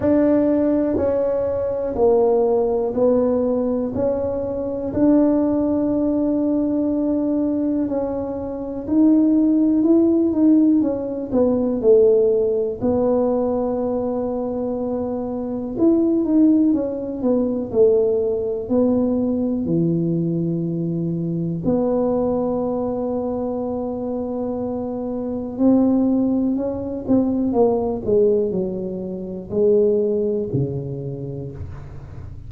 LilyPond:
\new Staff \with { instrumentName = "tuba" } { \time 4/4 \tempo 4 = 61 d'4 cis'4 ais4 b4 | cis'4 d'2. | cis'4 dis'4 e'8 dis'8 cis'8 b8 | a4 b2. |
e'8 dis'8 cis'8 b8 a4 b4 | e2 b2~ | b2 c'4 cis'8 c'8 | ais8 gis8 fis4 gis4 cis4 | }